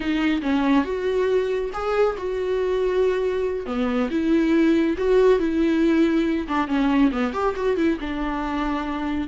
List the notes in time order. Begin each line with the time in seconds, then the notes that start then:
0.00 D#4
0.42 C#4
0.84 F#4
1.73 G#4
2.17 F#4
3.66 B3
4.10 E4
4.97 F#4
5.39 E4
6.48 D4
6.67 C#4
7.11 B3
7.33 G4
7.56 F#4
7.76 E4
8.00 D4